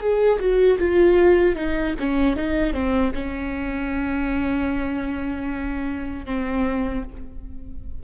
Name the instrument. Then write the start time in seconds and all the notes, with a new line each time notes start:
viola
0.00 G#4
0.40 F#4
0.79 F4
1.55 D#4
2.00 C#4
2.36 D#4
2.73 C4
3.14 C#4
6.26 C4